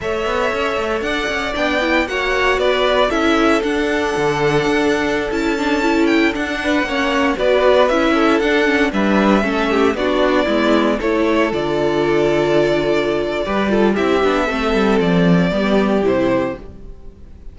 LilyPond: <<
  \new Staff \with { instrumentName = "violin" } { \time 4/4 \tempo 4 = 116 e''2 fis''4 g''4 | fis''4 d''4 e''4 fis''4~ | fis''2~ fis''16 a''4. g''16~ | g''16 fis''2 d''4 e''8.~ |
e''16 fis''4 e''2 d''8.~ | d''4~ d''16 cis''4 d''4.~ d''16~ | d''2. e''4~ | e''4 d''2 c''4 | }
  \new Staff \with { instrumentName = "violin" } { \time 4/4 cis''2 d''2 | cis''4 b'4 a'2~ | a'1~ | a'8. b'8 cis''4 b'4. a'16~ |
a'4~ a'16 b'4 a'8 g'8 fis'8.~ | fis'16 e'4 a'2~ a'8.~ | a'2 b'8 a'8 g'4 | a'2 g'2 | }
  \new Staff \with { instrumentName = "viola" } { \time 4/4 a'2. d'8 e'8 | fis'2 e'4 d'4~ | d'2~ d'16 e'8 d'8 e'8.~ | e'16 d'4 cis'4 fis'4 e'8.~ |
e'16 d'8 cis'8 d'4 cis'4 d'8.~ | d'16 b4 e'4 f'4.~ f'16~ | f'2 g'8 f'8 e'8 d'8 | c'2 b4 e'4 | }
  \new Staff \with { instrumentName = "cello" } { \time 4/4 a8 b8 cis'8 a8 d'8 cis'8 b4 | ais4 b4 cis'4 d'4 | d4 d'4~ d'16 cis'4.~ cis'16~ | cis'16 d'4 ais4 b4 cis'8.~ |
cis'16 d'4 g4 a4 b8.~ | b16 gis4 a4 d4.~ d16~ | d2 g4 c'8 b8 | a8 g8 f4 g4 c4 | }
>>